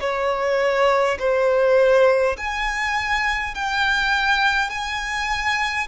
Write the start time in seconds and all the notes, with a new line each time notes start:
0.00 C#5
1.18 C5
2.37 G#5
3.54 G5
4.70 G#5